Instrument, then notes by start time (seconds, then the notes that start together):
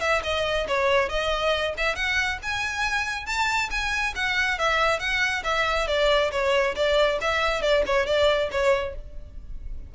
violin
0.00 E5
0.23 D#5
0.68 C#5
1.09 D#5
1.77 E5
1.95 F#5
2.42 G#5
3.26 A5
3.70 G#5
4.15 F#5
4.58 E5
4.99 F#5
5.44 E5
5.87 D5
6.31 C#5
6.75 D5
7.21 E5
7.61 D5
7.86 C#5
8.06 D5
8.51 C#5